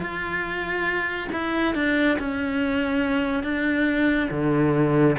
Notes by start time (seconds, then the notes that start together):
0.00 F4
1.32 E4
1.75 D4
2.19 C#4
3.44 D4
4.31 D3